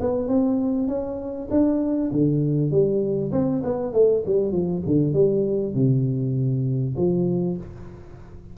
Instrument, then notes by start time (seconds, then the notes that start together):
tuba
0.00 B3
0.28 C4
0.88 C#4
1.50 D4
2.12 D3
2.71 G3
3.32 C4
3.63 B3
3.93 A3
4.26 G3
4.52 F3
4.86 D3
5.13 G3
5.74 C3
6.96 F3